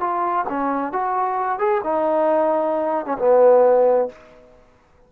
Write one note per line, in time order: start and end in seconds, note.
0.00 0.45 F4
0.49 0.93 C#4
0.93 1.59 F#4
1.59 1.81 G#4
1.84 3.06 D#4
3.06 3.17 C#4
3.19 4.09 B3